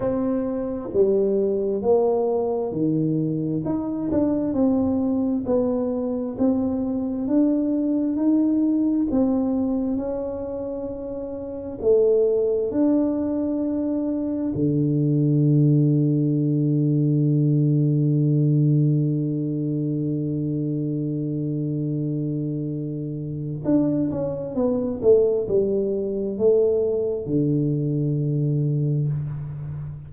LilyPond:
\new Staff \with { instrumentName = "tuba" } { \time 4/4 \tempo 4 = 66 c'4 g4 ais4 dis4 | dis'8 d'8 c'4 b4 c'4 | d'4 dis'4 c'4 cis'4~ | cis'4 a4 d'2 |
d1~ | d1~ | d2 d'8 cis'8 b8 a8 | g4 a4 d2 | }